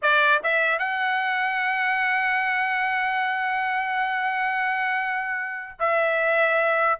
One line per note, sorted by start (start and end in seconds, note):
0.01 0.41 D5
0.43 0.79 E5
0.79 5.79 F#5
5.79 6.99 E5